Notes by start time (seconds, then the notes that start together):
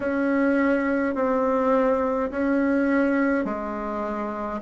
0.00 C#4
1.14 C4
2.30 C#4
3.45 G#3